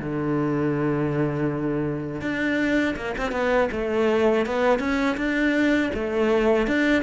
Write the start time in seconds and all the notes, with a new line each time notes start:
0.00 D3
2.21 D4
2.97 A#3
3.18 C4
3.32 B3
3.72 A3
4.46 B3
4.79 C#4
5.17 D4
5.94 A3
6.67 D4